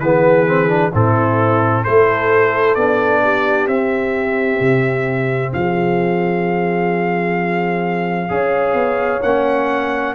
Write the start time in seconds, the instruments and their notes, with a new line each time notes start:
0.00 tuba E3, trombone B3, horn G#4, trumpet B4
0.47 trombone C4
0.68 trombone D4
0.93 tuba A2, trombone C4, horn E4, trumpet A4
1.84 tuba A3, trombone E4, horn A4, trumpet C5
2.75 tuba B3, trombone D4, trumpet D5
3.24 horn G4
3.67 tuba C4, trombone C4, trumpet E5
4.61 tuba C3
5.53 tuba F3, horn G#4, trumpet F5
8.29 tuba C#4, trombone G#4, horn C#5
8.74 tuba B3
9.23 tuba A#3, trombone C#4, trumpet F#5